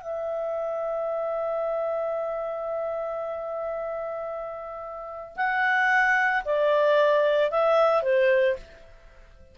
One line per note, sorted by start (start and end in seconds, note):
0.00 5.36 E5
5.36 6.43 F#5
6.45 7.50 D5
7.50 8.02 E5
8.02 8.56 C5